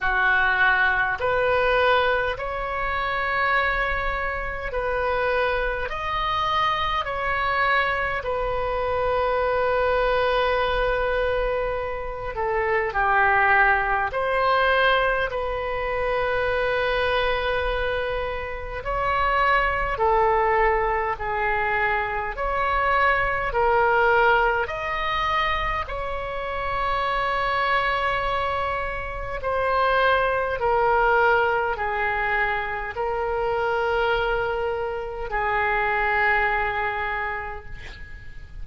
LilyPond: \new Staff \with { instrumentName = "oboe" } { \time 4/4 \tempo 4 = 51 fis'4 b'4 cis''2 | b'4 dis''4 cis''4 b'4~ | b'2~ b'8 a'8 g'4 | c''4 b'2. |
cis''4 a'4 gis'4 cis''4 | ais'4 dis''4 cis''2~ | cis''4 c''4 ais'4 gis'4 | ais'2 gis'2 | }